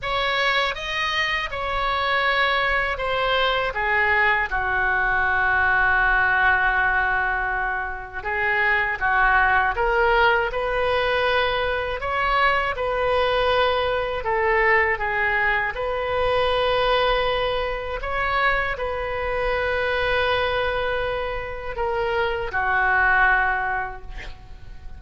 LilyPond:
\new Staff \with { instrumentName = "oboe" } { \time 4/4 \tempo 4 = 80 cis''4 dis''4 cis''2 | c''4 gis'4 fis'2~ | fis'2. gis'4 | fis'4 ais'4 b'2 |
cis''4 b'2 a'4 | gis'4 b'2. | cis''4 b'2.~ | b'4 ais'4 fis'2 | }